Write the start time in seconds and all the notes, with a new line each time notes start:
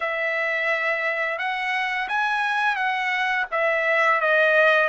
0.00 E5
1.38 F#5
2.08 G#5
2.76 F#5
3.51 E5
4.21 D#5